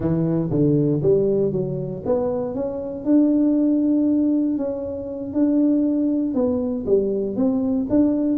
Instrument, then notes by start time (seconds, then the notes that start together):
tuba
0.00 E3
0.50 D3
1.02 G3
1.52 F#3
2.05 B3
2.54 C#4
3.05 D4
4.57 C#4
5.33 D4
6.34 B3
6.86 G3
7.35 C4
7.89 D4